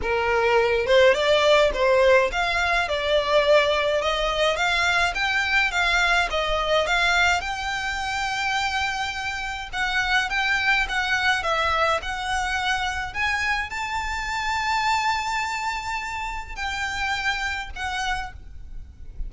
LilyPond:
\new Staff \with { instrumentName = "violin" } { \time 4/4 \tempo 4 = 105 ais'4. c''8 d''4 c''4 | f''4 d''2 dis''4 | f''4 g''4 f''4 dis''4 | f''4 g''2.~ |
g''4 fis''4 g''4 fis''4 | e''4 fis''2 gis''4 | a''1~ | a''4 g''2 fis''4 | }